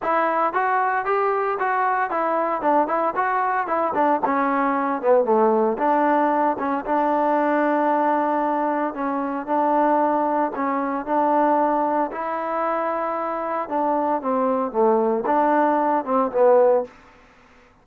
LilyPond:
\new Staff \with { instrumentName = "trombone" } { \time 4/4 \tempo 4 = 114 e'4 fis'4 g'4 fis'4 | e'4 d'8 e'8 fis'4 e'8 d'8 | cis'4. b8 a4 d'4~ | d'8 cis'8 d'2.~ |
d'4 cis'4 d'2 | cis'4 d'2 e'4~ | e'2 d'4 c'4 | a4 d'4. c'8 b4 | }